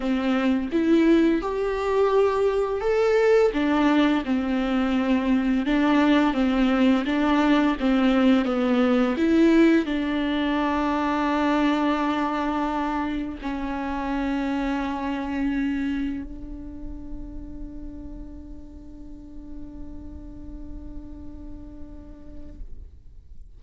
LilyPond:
\new Staff \with { instrumentName = "viola" } { \time 4/4 \tempo 4 = 85 c'4 e'4 g'2 | a'4 d'4 c'2 | d'4 c'4 d'4 c'4 | b4 e'4 d'2~ |
d'2. cis'4~ | cis'2. d'4~ | d'1~ | d'1 | }